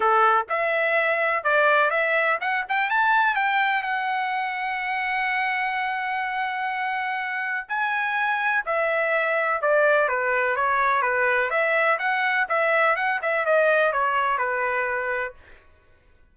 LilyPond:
\new Staff \with { instrumentName = "trumpet" } { \time 4/4 \tempo 4 = 125 a'4 e''2 d''4 | e''4 fis''8 g''8 a''4 g''4 | fis''1~ | fis''1 |
gis''2 e''2 | d''4 b'4 cis''4 b'4 | e''4 fis''4 e''4 fis''8 e''8 | dis''4 cis''4 b'2 | }